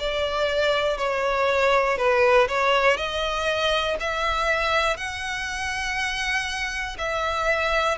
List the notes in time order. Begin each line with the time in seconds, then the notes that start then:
0.00 D5
0.98 C#5
1.98 B4
2.49 C#5
2.97 D#5
4.00 E5
4.97 F#5
6.99 E5